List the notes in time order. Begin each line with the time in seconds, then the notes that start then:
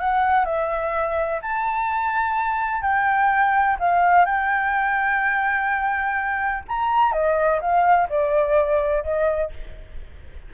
0.00 F#5
0.45 E5
1.42 A5
2.82 G5
3.80 F5
4.26 G5
6.68 A#5
7.12 D#5
7.61 F5
8.09 D5
9.04 D#5